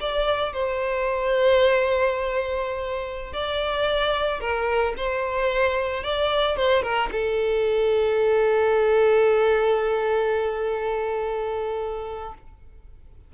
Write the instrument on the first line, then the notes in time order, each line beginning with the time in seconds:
violin
0.00 D5
0.53 C5
3.33 D5
4.40 A#4
4.97 C5
6.03 D5
6.56 C5
6.83 A#4
7.12 A4